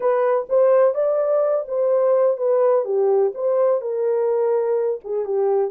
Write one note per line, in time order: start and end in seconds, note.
0.00 0.47 B4
0.49 0.94 C5
0.94 1.65 D5
1.68 2.37 C5
2.37 2.84 B4
2.84 3.32 G4
3.34 3.81 C5
3.81 5.00 A#4
5.04 5.25 G#4
5.25 5.70 G4